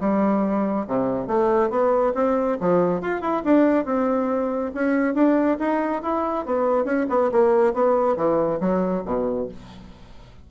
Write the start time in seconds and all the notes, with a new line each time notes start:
0.00 G3
0.87 C3
1.27 A3
1.70 B3
2.14 C4
2.60 F3
3.01 F4
3.21 E4
3.44 D4
3.85 C4
4.74 C#4
5.14 D4
5.59 D#4
6.02 E4
6.45 B3
6.84 C#4
7.09 B3
7.31 A#3
7.74 B3
8.16 E3
8.60 F#3
9.05 B2